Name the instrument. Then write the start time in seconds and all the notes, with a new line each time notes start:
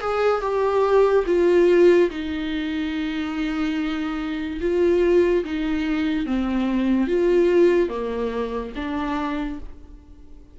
viola
0.00 G#4
0.41 G4
1.26 F4
2.09 D#4
4.60 F4
5.44 D#4
6.26 C4
7.07 F4
7.89 A#3
8.75 D4